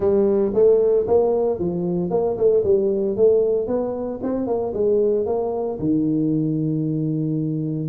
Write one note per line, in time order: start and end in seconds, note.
0.00 0.52 G3
0.54 1.06 A3
1.07 1.59 A#3
1.59 2.10 F3
2.10 2.36 A#3
2.37 2.63 A3
2.63 3.16 G3
3.16 3.67 A3
3.67 4.20 B3
4.22 4.46 C4
4.46 4.73 A#3
4.73 5.26 G#3
5.26 5.78 A#3
5.79 7.89 D#3